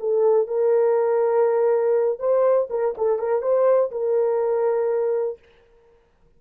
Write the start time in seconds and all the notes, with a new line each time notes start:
0.00 A4
0.47 A#4
2.19 C5
2.70 A#4
2.98 A4
3.19 A#4
3.42 C5
3.91 A#4